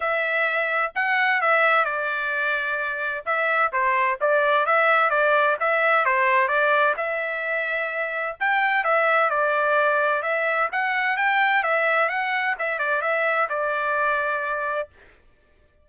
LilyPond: \new Staff \with { instrumentName = "trumpet" } { \time 4/4 \tempo 4 = 129 e''2 fis''4 e''4 | d''2. e''4 | c''4 d''4 e''4 d''4 | e''4 c''4 d''4 e''4~ |
e''2 g''4 e''4 | d''2 e''4 fis''4 | g''4 e''4 fis''4 e''8 d''8 | e''4 d''2. | }